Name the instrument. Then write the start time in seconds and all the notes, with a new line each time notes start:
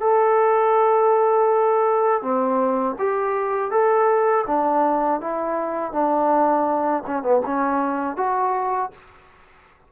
trombone
0.00 A4
2.22 C4
2.98 G4
3.71 A4
4.47 D4
5.21 E4
5.92 D4
7.06 C#4
7.22 B3
7.45 C#4
8.16 F#4